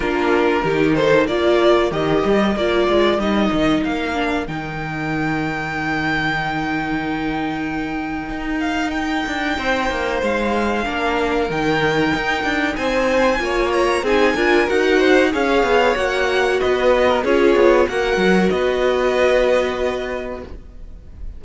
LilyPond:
<<
  \new Staff \with { instrumentName = "violin" } { \time 4/4 \tempo 4 = 94 ais'4. c''8 d''4 dis''4 | d''4 dis''4 f''4 g''4~ | g''1~ | g''4. f''8 g''2 |
f''2 g''2 | gis''4. ais''8 gis''4 fis''4 | f''4 fis''4 dis''4 cis''4 | fis''4 dis''2. | }
  \new Staff \with { instrumentName = "violin" } { \time 4/4 f'4 g'8 a'8 ais'2~ | ais'1~ | ais'1~ | ais'2. c''4~ |
c''4 ais'2. | c''4 cis''4 gis'8 ais'4 c''8 | cis''2 b'8. ais'16 gis'4 | ais'4 b'2. | }
  \new Staff \with { instrumentName = "viola" } { \time 4/4 d'4 dis'4 f'4 g'4 | f'4 dis'4. d'8 dis'4~ | dis'1~ | dis'1~ |
dis'4 d'4 dis'2~ | dis'4 f'4 dis'8 f'8 fis'4 | gis'4 fis'2 f'4 | fis'1 | }
  \new Staff \with { instrumentName = "cello" } { \time 4/4 ais4 dis4 ais4 dis8 g8 | ais8 gis8 g8 dis8 ais4 dis4~ | dis1~ | dis4 dis'4. d'8 c'8 ais8 |
gis4 ais4 dis4 dis'8 d'8 | c'4 ais4 c'8 d'8 dis'4 | cis'8 b8 ais4 b4 cis'8 b8 | ais8 fis8 b2. | }
>>